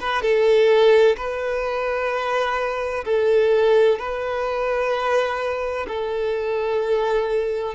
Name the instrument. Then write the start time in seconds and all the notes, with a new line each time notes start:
violin
0.00 B4
0.23 A4
1.17 B4
3.05 A4
3.99 B4
5.88 A4